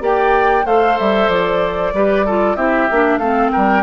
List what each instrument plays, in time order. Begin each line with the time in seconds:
0.00 bassoon A#3, clarinet G4, oboe D5, flute G5
0.65 bassoon A3, clarinet A4, oboe C5, flute F5
0.98 bassoon G3, flute E5
1.28 bassoon F3, flute D5
1.93 bassoon G3, clarinet G4, oboe B4
2.25 clarinet F4, oboe A4
2.55 bassoon C4, clarinet E4, oboe G4, flute E5
2.90 bassoon A#3, clarinet D4
3.17 bassoon A3, clarinet C4, oboe A4, flute F5
3.51 bassoon G3, oboe A#4, flute G5